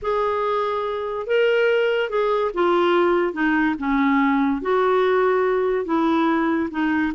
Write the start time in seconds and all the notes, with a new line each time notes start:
0.02 G#4
1.26 A#4
2.09 G#4
2.54 F4
3.33 D#4
3.78 C#4
4.61 F#4
5.85 E4
6.70 D#4